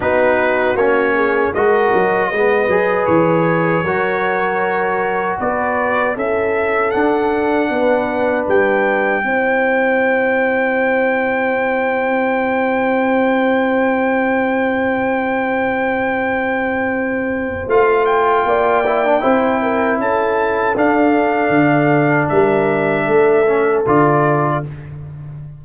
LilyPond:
<<
  \new Staff \with { instrumentName = "trumpet" } { \time 4/4 \tempo 4 = 78 b'4 cis''4 dis''2 | cis''2. d''4 | e''4 fis''2 g''4~ | g''1~ |
g''1~ | g''2. f''8 g''8~ | g''2 a''4 f''4~ | f''4 e''2 d''4 | }
  \new Staff \with { instrumentName = "horn" } { \time 4/4 fis'4. gis'8 ais'4 b'4~ | b'4 ais'2 b'4 | a'2 b'2 | c''1~ |
c''1~ | c''1 | d''4 c''8 ais'8 a'2~ | a'4 ais'4 a'2 | }
  \new Staff \with { instrumentName = "trombone" } { \time 4/4 dis'4 cis'4 fis'4 b8 gis'8~ | gis'4 fis'2. | e'4 d'2. | e'1~ |
e'1~ | e'2. f'4~ | f'8 e'16 d'16 e'2 d'4~ | d'2~ d'8 cis'8 f'4 | }
  \new Staff \with { instrumentName = "tuba" } { \time 4/4 b4 ais4 gis8 fis8 gis8 fis8 | e4 fis2 b4 | cis'4 d'4 b4 g4 | c'1~ |
c'1~ | c'2. a4 | ais4 c'4 cis'4 d'4 | d4 g4 a4 d4 | }
>>